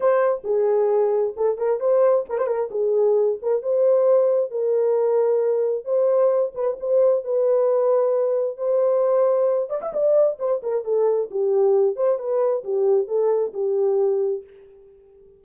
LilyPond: \new Staff \with { instrumentName = "horn" } { \time 4/4 \tempo 4 = 133 c''4 gis'2 a'8 ais'8 | c''4 ais'16 c''16 ais'8 gis'4. ais'8 | c''2 ais'2~ | ais'4 c''4. b'8 c''4 |
b'2. c''4~ | c''4. d''16 e''16 d''4 c''8 ais'8 | a'4 g'4. c''8 b'4 | g'4 a'4 g'2 | }